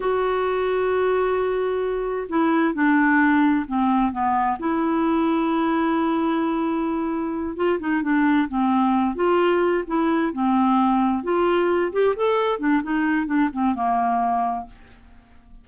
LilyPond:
\new Staff \with { instrumentName = "clarinet" } { \time 4/4 \tempo 4 = 131 fis'1~ | fis'4 e'4 d'2 | c'4 b4 e'2~ | e'1~ |
e'8 f'8 dis'8 d'4 c'4. | f'4. e'4 c'4.~ | c'8 f'4. g'8 a'4 d'8 | dis'4 d'8 c'8 ais2 | }